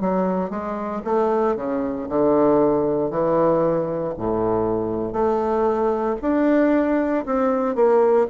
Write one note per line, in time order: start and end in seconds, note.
0.00 0.50 F#3
0.50 1.02 G#3
1.04 1.56 A3
1.56 2.07 C#3
2.09 3.10 D3
3.10 4.13 E3
4.17 5.12 A2
5.12 6.16 A3
6.21 7.25 D4
7.26 7.75 C4
7.75 8.27 A#3